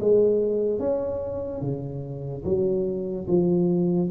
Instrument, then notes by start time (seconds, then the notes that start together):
tuba
0.00 G#3
0.79 C#4
1.61 C#3
2.44 F#3
3.27 F3